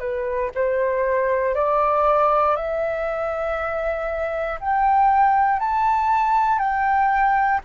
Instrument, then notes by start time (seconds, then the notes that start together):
flute
0.00 B4
0.55 C5
1.55 D5
2.56 E5
4.60 G5
5.60 A5
6.59 G5